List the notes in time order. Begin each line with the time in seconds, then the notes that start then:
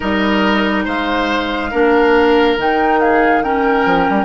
0.00 G3 D#4 A#4 D#5
0.84 G#3 C5 F5
1.71 A#3 D4 A#4
2.57 D#3 D#4 G5
3.00 G#4 F5
3.43 C#4 A#4 G5
3.85 F3
4.09 G3